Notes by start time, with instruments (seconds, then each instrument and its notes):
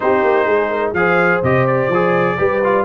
0.00 tuba C4, trombone D#4, horn G4, trumpet C5
0.23 tuba A#3
0.45 tuba G#3, horn G#4
0.70 horn A#4
0.93 tuba F3, trombone G#4, horn C5, trumpet F5
1.43 tuba C3, trombone G4, trumpet D#5
1.67 trumpet D5
1.88 tuba F3, trombone G#4
2.38 tuba G3, trombone G4, horn B4
2.64 trombone F4